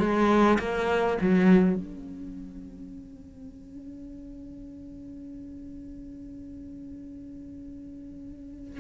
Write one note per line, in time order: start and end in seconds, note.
0.00 0.59 G#3
0.59 1.18 A#3
1.21 1.76 F#3
1.76 8.80 C#4